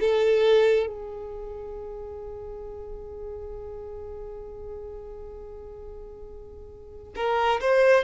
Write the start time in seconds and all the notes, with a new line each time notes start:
0.00 A4
0.87 G#4
7.16 A#4
7.61 C5